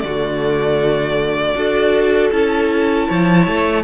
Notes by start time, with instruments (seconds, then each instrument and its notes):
0.00 cello D3, viola A3, violin F#4 D5
1.55 cello D4, viola F#4, violin A4
2.30 cello C#4, viola E4, violin A5
3.08 cello F3, violin C#5
3.47 cello A3